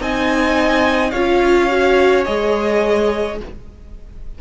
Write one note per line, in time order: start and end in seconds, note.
0.00 1.13 C4
0.00 1.13 D#4
0.00 1.12 D#5
0.00 1.11 G#5
1.11 2.26 C#4
1.11 1.70 F4
1.11 3.39 C#5
1.11 2.24 F5
1.70 2.25 F#4
2.25 3.41 G#3
2.25 3.38 G#4
2.25 3.38 D#5